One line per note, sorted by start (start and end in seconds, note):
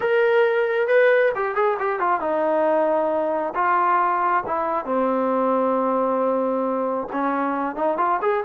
0.00 0.87 A#4
0.87 1.32 B4
1.35 1.55 G4
1.55 1.77 G#4
1.79 1.99 G4
1.99 2.20 F4
2.20 3.53 D#4
3.54 4.43 F4
4.46 4.85 E4
4.85 7.07 C4
7.12 7.75 C#4
7.75 7.97 D#4
7.97 8.19 F4
8.21 8.43 G#4